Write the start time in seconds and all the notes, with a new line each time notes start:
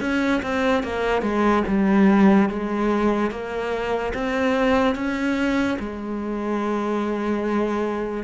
0.00 C#4
0.42 C4
0.83 A#3
1.22 G#3
1.67 G3
2.49 G#3
3.30 A#3
4.14 C4
4.95 C#4
5.79 G#3